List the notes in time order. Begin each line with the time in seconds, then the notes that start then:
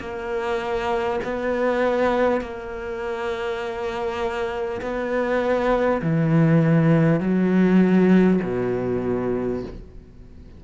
0.00 A#3
1.24 B3
2.41 A#3
4.82 B3
6.02 E3
7.21 F#3
8.43 B2